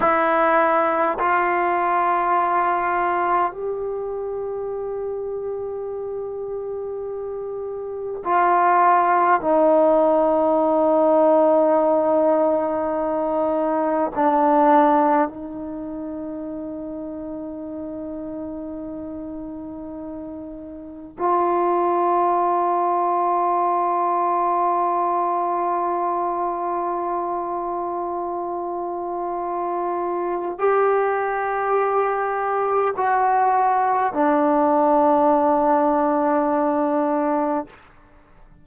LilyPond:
\new Staff \with { instrumentName = "trombone" } { \time 4/4 \tempo 4 = 51 e'4 f'2 g'4~ | g'2. f'4 | dis'1 | d'4 dis'2.~ |
dis'2 f'2~ | f'1~ | f'2 g'2 | fis'4 d'2. | }